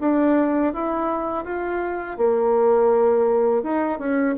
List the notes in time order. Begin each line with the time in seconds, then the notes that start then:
0.00 D4
0.73 E4
1.44 F4
2.17 A#3
3.63 D#4
3.98 C#4